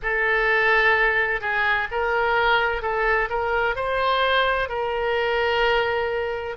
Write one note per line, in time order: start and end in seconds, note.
0.02 1.41 A4
1.41 1.87 G#4
1.91 2.82 A#4
2.82 3.29 A4
3.29 3.75 A#4
3.75 4.69 C5
4.69 6.56 A#4